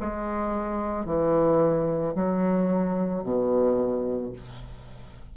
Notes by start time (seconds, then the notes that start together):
0.00 G#3
1.05 E3
2.15 F#3
3.23 B2